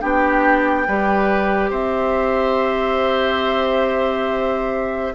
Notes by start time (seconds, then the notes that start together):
0.00 B3 D4 G4 G5
0.86 G3 G4 B4
1.70 C4 C5 E5